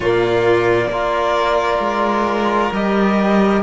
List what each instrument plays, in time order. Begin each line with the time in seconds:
0.00 cello A#2, trombone A#3, violin F4 D5
0.87 cello A#3, trombone F4, violin A#4
1.79 cello G#3
2.72 cello G3, trombone G4, violin D#5